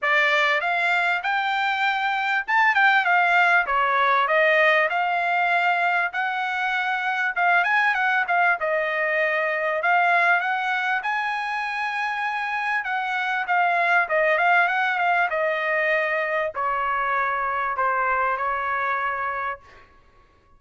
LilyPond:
\new Staff \with { instrumentName = "trumpet" } { \time 4/4 \tempo 4 = 98 d''4 f''4 g''2 | a''8 g''8 f''4 cis''4 dis''4 | f''2 fis''2 | f''8 gis''8 fis''8 f''8 dis''2 |
f''4 fis''4 gis''2~ | gis''4 fis''4 f''4 dis''8 f''8 | fis''8 f''8 dis''2 cis''4~ | cis''4 c''4 cis''2 | }